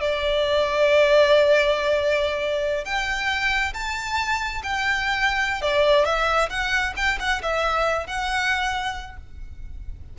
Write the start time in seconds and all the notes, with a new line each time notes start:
0.00 D5
2.85 G5
3.73 A5
4.63 G5
5.61 D5
6.05 E5
6.49 F#5
6.96 G5
7.19 F#5
7.42 E5
8.06 F#5